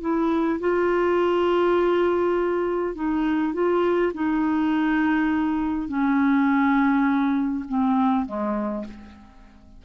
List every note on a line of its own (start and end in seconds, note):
0.00 0.59 E4
0.59 2.95 F4
2.95 3.53 D#4
3.53 4.12 F4
4.13 5.88 D#4
5.88 7.64 C#4
7.68 8.25 C4
8.25 8.84 G#3